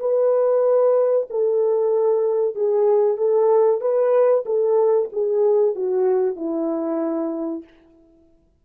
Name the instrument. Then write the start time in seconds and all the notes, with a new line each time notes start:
horn
0.00 B4
1.31 A4
2.56 G#4
3.17 A4
3.81 B4
4.46 A4
5.13 G#4
5.76 F#4
6.36 E4